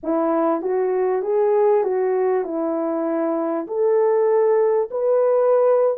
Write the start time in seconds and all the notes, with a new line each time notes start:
0.03 E4
0.61 F#4
1.22 G#4
1.83 F#4
2.44 E4
3.67 A4
4.90 B4